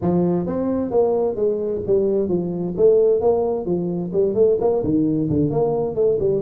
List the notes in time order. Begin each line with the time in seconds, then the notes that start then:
0.01 F3
0.46 C4
0.90 A#3
1.35 G#3
1.86 G3
2.28 F3
2.76 A3
3.20 A#3
3.65 F3
4.12 G3
4.34 A3
4.60 A#3
4.83 D#3
5.29 D3
5.50 A#3
5.95 A3
6.19 G3